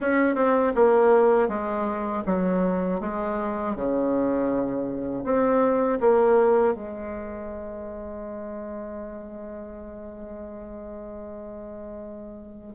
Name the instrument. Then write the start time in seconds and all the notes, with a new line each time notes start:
bassoon
0.00 C#4
0.35 C4
0.75 A#3
1.48 G#3
2.26 F#3
3.00 G#3
3.75 C#3
5.24 C4
6.00 A#3
6.74 G#3